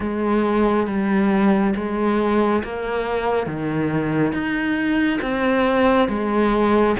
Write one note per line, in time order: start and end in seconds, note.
0.00 0.87 G#3
0.87 1.74 G3
1.75 2.62 G#3
2.63 3.46 A#3
3.46 4.32 D#3
4.32 5.19 D#4
5.21 6.08 C4
6.08 6.95 G#3